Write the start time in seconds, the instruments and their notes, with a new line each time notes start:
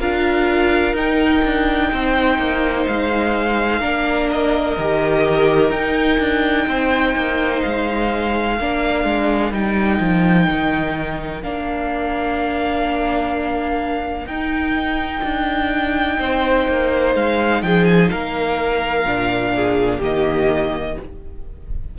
0.00 cello D4, viola F4, violin A#4 F5
0.94 cello D#4, viola D#4, violin G5
1.45 cello D4
1.92 cello C4, violin C5
2.38 cello A#3
2.87 cello G#3, violin F5
3.80 cello A#3, viola D4, violin A#4
4.32 violin D#5
4.78 cello D#3, viola G4
5.71 cello D#4, viola D#4, violin G5
6.19 cello D4
6.67 cello C4, violin C5
7.16 cello A#3
7.62 cello G#3, violin F5
8.54 violin A#4
8.60 cello A#3, viola D4
9.04 cello G#3
9.52 cello G3, viola D#4, violin G5
10.00 cello F3
10.50 cello D#3
11.43 cello A#3, viola D4, violin F5
14.27 cello D#4, viola D#4, violin G5
15.23 cello D4
16.19 cello C4, violin C5
16.68 cello A#3
17.15 cello G#3, violin F5
17.63 cello F3, violin G#4 G5
17.85 violin G#5
18.11 cello A#3, violin A#4 F5
19.05 cello A#2, viola D4
19.56 violin G#4
19.99 cello D#3, viola A#3, violin G4 D#5